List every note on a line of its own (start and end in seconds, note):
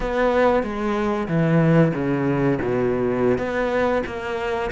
0.00 0.63 B3
0.63 1.27 G#3
1.27 1.92 E3
1.94 2.58 C#3
2.61 3.38 B2
3.38 4.02 B3
4.06 4.70 A#3